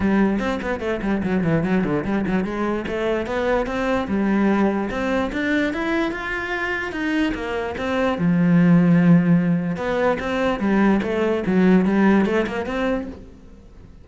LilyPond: \new Staff \with { instrumentName = "cello" } { \time 4/4 \tempo 4 = 147 g4 c'8 b8 a8 g8 fis8 e8 | fis8 d8 g8 fis8 gis4 a4 | b4 c'4 g2 | c'4 d'4 e'4 f'4~ |
f'4 dis'4 ais4 c'4 | f1 | b4 c'4 g4 a4 | fis4 g4 a8 ais8 c'4 | }